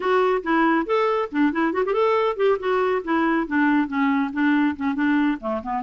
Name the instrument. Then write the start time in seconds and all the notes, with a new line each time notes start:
clarinet
0.00 F#4
0.43 E4
0.85 A4
1.31 D4
1.52 E4
1.72 F#4
1.85 G4
1.93 A4
2.36 G4
2.59 F#4
3.04 E4
3.47 D4
3.87 C#4
4.33 D4
4.76 C#4
4.94 D4
5.40 A3
5.63 B3